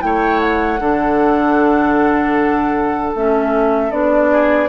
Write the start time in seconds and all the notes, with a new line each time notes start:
0.00 A3 E4 C#5 G5
0.40 F#5
0.80 D3 D4 A4
3.14 A3 C#4 E5
3.91 B3 D4 D5
4.31 G#4